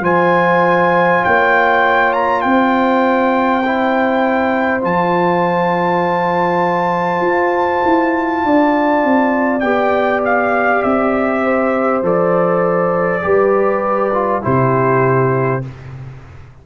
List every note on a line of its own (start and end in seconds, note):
0.00 1.20 F3
0.00 3.62 F4
0.00 1.22 C5
0.00 1.24 G#5
1.22 2.44 A#3
1.22 2.42 C#5
1.22 2.12 G5
2.12 2.41 A#5
2.41 4.83 C4
2.41 8.44 C5
2.41 4.81 G5
3.65 4.81 E4
4.81 7.21 F3
4.81 9.61 F4
4.81 9.60 A5
7.21 7.81 F4
7.84 8.43 E4
8.43 9.03 D4
8.43 11.43 D5
9.04 9.62 C4
9.60 10.82 B3
9.60 12.03 G4
9.60 10.20 G5
10.25 10.82 F5
10.82 12.02 C4
10.82 12.02 E5
11.43 13.23 C5
12.02 13.22 F3
12.02 13.21 A4
12.02 14.44 D5
13.21 14.43 G3
13.21 14.11 G4
13.21 14.44 B4
14.13 14.41 F4
14.41 15.66 C3
14.41 15.61 E4
14.41 15.63 G4
14.41 15.64 C5